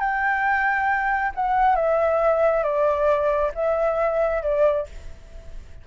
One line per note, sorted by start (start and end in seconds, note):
0.00 1.32 G5
1.35 1.76 F#5
1.76 2.64 E5
2.64 3.52 D5
3.55 4.43 E5
4.43 4.87 D5